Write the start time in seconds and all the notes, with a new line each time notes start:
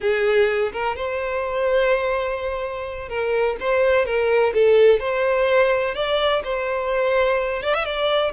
0.00 G#4
0.72 A#4
0.95 C5
3.08 A#4
3.60 C5
4.05 A#4
4.54 A4
4.99 C5
5.95 D5
6.44 C5
7.63 D5
7.74 E5
7.84 D5